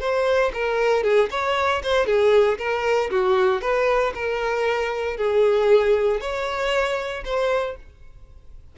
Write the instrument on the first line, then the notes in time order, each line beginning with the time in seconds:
violin
0.00 C5
0.54 A#4
1.03 G#4
1.30 C#5
1.83 C5
2.06 G#4
2.58 A#4
3.11 F#4
3.61 B4
4.14 A#4
5.17 G#4
6.20 C#5
7.25 C5